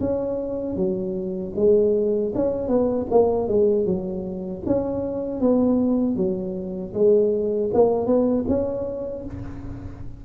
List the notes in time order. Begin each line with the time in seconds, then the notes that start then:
0.00 C#4
0.76 F#3
1.56 G#3
2.35 C#4
2.68 B3
3.10 A#3
3.48 G#3
3.86 F#3
4.66 C#4
5.41 B3
6.16 F#3
6.94 G#3
7.74 A#3
8.07 B3
8.48 C#4